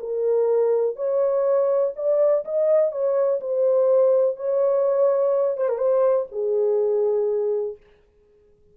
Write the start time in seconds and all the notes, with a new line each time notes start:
0.00 A#4
0.96 C#5
1.96 D5
2.45 D#5
2.92 C#5
3.41 C5
4.37 C#5
5.58 C5
5.69 A#4
5.78 C5
6.32 G#4